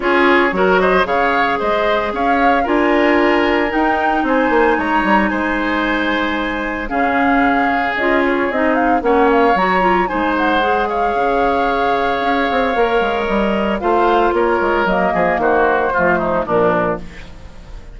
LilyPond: <<
  \new Staff \with { instrumentName = "flute" } { \time 4/4 \tempo 4 = 113 cis''4. dis''8 f''4 dis''4 | f''4 gis''2 g''4 | gis''4 ais''4 gis''2~ | gis''4 f''2 dis''8 cis''8 |
dis''8 f''8 fis''8 f''8 ais''4 gis''8 fis''8~ | fis''8 f''2.~ f''8~ | f''4 dis''4 f''4 cis''4 | dis''4 c''2 ais'4 | }
  \new Staff \with { instrumentName = "oboe" } { \time 4/4 gis'4 ais'8 c''8 cis''4 c''4 | cis''4 ais'2. | c''4 cis''4 c''2~ | c''4 gis'2.~ |
gis'4 cis''2 c''4~ | c''8 cis''2.~ cis''8~ | cis''2 c''4 ais'4~ | ais'8 gis'8 fis'4 f'8 dis'8 d'4 | }
  \new Staff \with { instrumentName = "clarinet" } { \time 4/4 f'4 fis'4 gis'2~ | gis'4 f'2 dis'4~ | dis'1~ | dis'4 cis'2 f'4 |
dis'4 cis'4 fis'8 f'8 dis'4 | gis'1 | ais'2 f'2 | ais2 a4 f4 | }
  \new Staff \with { instrumentName = "bassoon" } { \time 4/4 cis'4 fis4 cis4 gis4 | cis'4 d'2 dis'4 | c'8 ais8 gis8 g8 gis2~ | gis4 cis2 cis'4 |
c'4 ais4 fis4 gis4~ | gis4 cis2 cis'8 c'8 | ais8 gis8 g4 a4 ais8 gis8 | fis8 f8 dis4 f4 ais,4 | }
>>